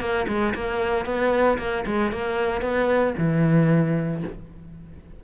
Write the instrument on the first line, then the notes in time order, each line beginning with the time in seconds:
cello
0.00 A#3
0.28 G#3
0.55 A#3
1.05 B3
1.58 A#3
1.86 G#3
2.12 A#3
2.61 B3
3.17 E3